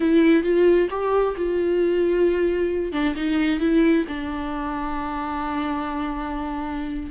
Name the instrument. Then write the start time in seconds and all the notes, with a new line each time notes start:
viola
0.00 E4
0.43 F4
0.90 G4
1.36 F4
2.92 D4
3.15 D#4
3.60 E4
4.08 D4